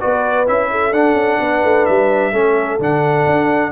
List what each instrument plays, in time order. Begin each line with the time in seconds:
0.00 tuba B3, trombone F#4, horn B4, trumpet D5
0.47 tuba C#4, trombone E4, trumpet E5
0.71 horn A4
0.92 tuba D4, trombone D4, trumpet F#5
1.14 tuba C#4
1.40 tuba B3, horn B4
1.64 tuba A3
1.86 tuba G3, trumpet E5
2.32 tuba A3, trombone C#4, horn A4
2.79 tuba D3, trombone D4, trumpet F#5
3.26 tuba D4